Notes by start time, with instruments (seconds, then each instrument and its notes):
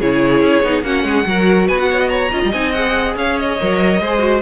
0.00 cello C#3, viola E4, violin G#4 C#5
0.42 cello C#4
0.63 cello B3, viola D#4
0.83 cello A#3, viola C#4, violin F#4 F#5
1.04 cello G#3, violin G#4
1.24 cello F#3, viola F#4, violin A#4
1.68 cello B3, violin B4 G#5
1.79 violin F#5
1.91 violin C#5
2.00 violin D#5
2.09 violin C#5 A#5
2.32 cello C#4, viola F4, violin D#5
2.44 cello G3
2.53 cello C4, viola D#4, violin G#5
2.72 viola G#4, violin F#5
3.16 cello C#4, violin C#5 F5
3.40 violin D#5
3.61 cello F#3, viola A#4
4.00 cello G#3, viola G#4, violin C5
4.19 viola F#4